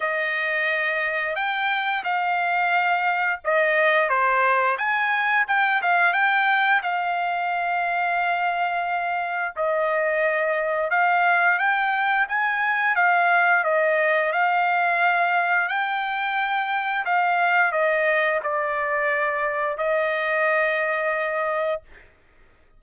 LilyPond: \new Staff \with { instrumentName = "trumpet" } { \time 4/4 \tempo 4 = 88 dis''2 g''4 f''4~ | f''4 dis''4 c''4 gis''4 | g''8 f''8 g''4 f''2~ | f''2 dis''2 |
f''4 g''4 gis''4 f''4 | dis''4 f''2 g''4~ | g''4 f''4 dis''4 d''4~ | d''4 dis''2. | }